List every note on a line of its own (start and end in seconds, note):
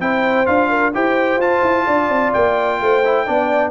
0.00 0.47 C4
0.00 0.46 E4
0.00 0.69 C5
0.00 0.46 G5
0.46 0.94 D4
0.46 0.92 F4
0.46 0.93 F5
0.69 0.92 A#4
0.94 1.37 E4
0.94 1.40 G4
0.94 1.86 C5
0.94 1.41 G5
1.37 1.60 F4
1.37 3.03 F4
1.37 2.33 A5
1.62 1.85 E4
1.86 2.09 D4
1.86 2.79 D5
2.09 2.32 C4
2.33 2.81 A#3
2.33 3.71 G5
2.81 3.27 A3
2.81 3.25 C5
3.05 3.26 E4
3.25 3.71 B3
3.25 3.71 D4
3.25 3.71 D5